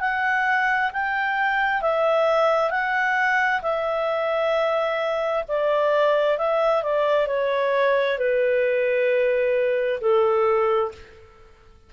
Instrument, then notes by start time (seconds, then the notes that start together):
clarinet
0.00 F#5
0.93 G5
1.82 E5
2.71 F#5
3.62 E5
5.48 D5
6.38 E5
6.83 D5
7.28 C#5
8.18 B4
10.01 A4